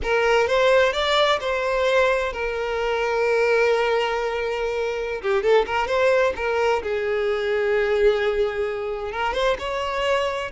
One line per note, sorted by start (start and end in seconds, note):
0.02 0.47 A#4
0.47 0.93 C5
0.93 1.39 D5
1.40 2.32 C5
2.33 5.21 A#4
5.22 5.42 G4
5.42 5.65 A4
5.66 5.87 A#4
5.87 6.33 C5
6.36 6.82 A#4
6.83 9.12 G#4
9.12 9.33 A#4
9.33 9.56 C5
9.58 10.51 C#5